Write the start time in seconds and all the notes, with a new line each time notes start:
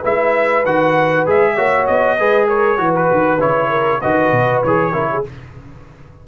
0.00 G#3 E4 B4 E5
0.65 D#3 F#4 F#5
1.26 G#3 G#4 E5
1.55 A#3 F#4 C#5
1.86 B3 D#5
2.18 G#3 G#4 B4
2.48 A#4 C#5
2.77 E3 F#4 B4
2.95 B4
3.11 D#3
3.40 C#3 E4 C#5
3.70 A#4
4.01 D#3 F#4 B4 D#5
4.32 B2
4.63 E3 G#4 C#5
4.93 C#3 E4 A#4
5.12 G#4